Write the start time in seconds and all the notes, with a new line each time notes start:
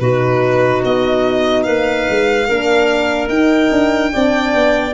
0.00 B2 D#4 F#4 B4
0.85 B3 D#5
1.63 A#3 B4 F5
2.09 G#3
2.48 A#3 D4 A#4
3.28 D#4 G5
3.71 D4
4.11 C4 D4 D5
4.55 B3